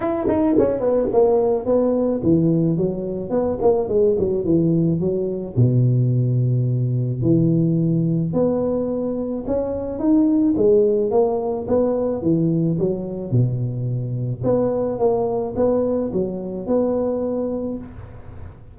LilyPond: \new Staff \with { instrumentName = "tuba" } { \time 4/4 \tempo 4 = 108 e'8 dis'8 cis'8 b8 ais4 b4 | e4 fis4 b8 ais8 gis8 fis8 | e4 fis4 b,2~ | b,4 e2 b4~ |
b4 cis'4 dis'4 gis4 | ais4 b4 e4 fis4 | b,2 b4 ais4 | b4 fis4 b2 | }